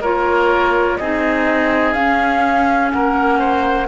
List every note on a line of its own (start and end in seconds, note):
0.00 0.97 A#3
0.00 1.01 F4
0.00 0.98 A#4
0.00 0.97 C#5
0.97 1.95 C4
0.97 1.95 D#4
0.97 2.93 G#4
0.97 1.93 D#5
1.93 2.91 C#4
1.93 3.88 C#4
1.93 2.90 F5
2.91 3.88 A#3
2.91 3.39 A#4
2.91 3.88 F#5
3.39 3.87 C5